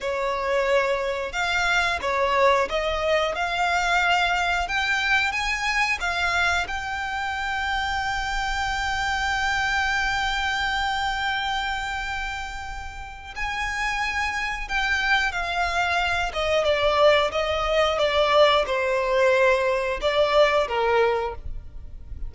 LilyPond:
\new Staff \with { instrumentName = "violin" } { \time 4/4 \tempo 4 = 90 cis''2 f''4 cis''4 | dis''4 f''2 g''4 | gis''4 f''4 g''2~ | g''1~ |
g''1 | gis''2 g''4 f''4~ | f''8 dis''8 d''4 dis''4 d''4 | c''2 d''4 ais'4 | }